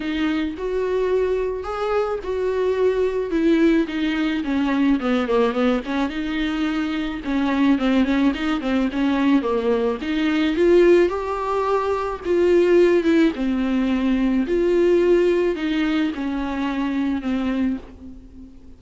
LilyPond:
\new Staff \with { instrumentName = "viola" } { \time 4/4 \tempo 4 = 108 dis'4 fis'2 gis'4 | fis'2 e'4 dis'4 | cis'4 b8 ais8 b8 cis'8 dis'4~ | dis'4 cis'4 c'8 cis'8 dis'8 c'8 |
cis'4 ais4 dis'4 f'4 | g'2 f'4. e'8 | c'2 f'2 | dis'4 cis'2 c'4 | }